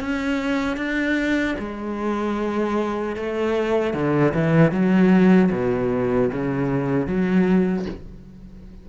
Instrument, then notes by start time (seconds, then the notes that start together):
cello
0.00 C#4
0.77 D4
1.59 G#3
3.16 A3
3.94 D3
4.34 E3
4.72 F#3
5.52 B2
6.32 C#3
7.07 F#3